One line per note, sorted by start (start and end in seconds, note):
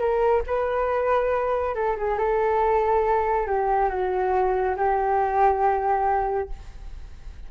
0.00 0.43 A#4
0.47 1.75 B4
1.75 1.97 A4
1.98 2.19 G#4
2.19 3.47 A4
3.47 3.90 G4
3.90 4.76 F#4
4.77 6.50 G4